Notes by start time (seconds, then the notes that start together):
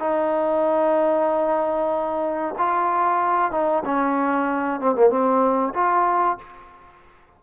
0.00 D#4
2.59 F4
3.52 D#4
3.85 C#4
4.80 C4
4.96 A#3
5.10 C4
5.74 F4